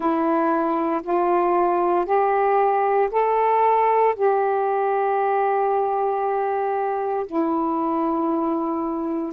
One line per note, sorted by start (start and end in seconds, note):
0.00 1.01 E4
1.03 2.05 F4
2.05 3.09 G4
3.11 4.14 A4
4.15 7.26 G4
7.26 9.32 E4